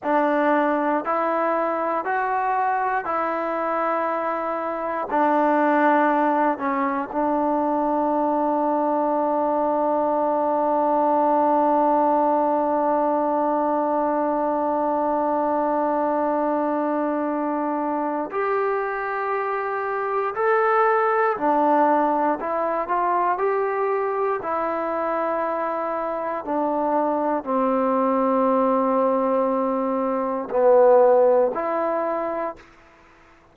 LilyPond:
\new Staff \with { instrumentName = "trombone" } { \time 4/4 \tempo 4 = 59 d'4 e'4 fis'4 e'4~ | e'4 d'4. cis'8 d'4~ | d'1~ | d'1~ |
d'2 g'2 | a'4 d'4 e'8 f'8 g'4 | e'2 d'4 c'4~ | c'2 b4 e'4 | }